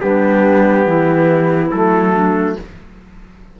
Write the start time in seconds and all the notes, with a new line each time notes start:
0.00 G3 B3 D4 G4
0.86 E3 E4
1.71 F#3 A3 A4
2.12 D4